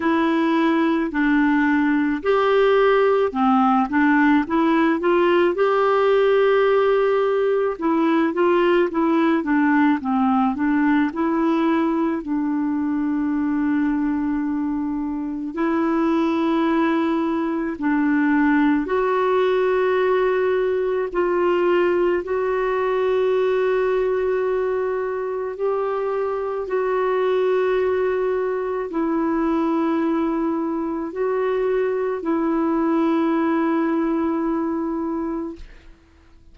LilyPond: \new Staff \with { instrumentName = "clarinet" } { \time 4/4 \tempo 4 = 54 e'4 d'4 g'4 c'8 d'8 | e'8 f'8 g'2 e'8 f'8 | e'8 d'8 c'8 d'8 e'4 d'4~ | d'2 e'2 |
d'4 fis'2 f'4 | fis'2. g'4 | fis'2 e'2 | fis'4 e'2. | }